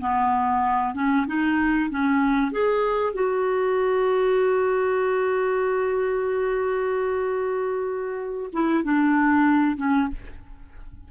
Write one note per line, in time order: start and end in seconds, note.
0.00 0.94 B3
0.94 1.26 C#4
1.27 1.90 D#4
1.90 2.52 C#4
2.52 3.13 G#4
3.13 8.50 F#4
8.53 8.84 E4
8.84 9.77 D4
9.77 10.09 C#4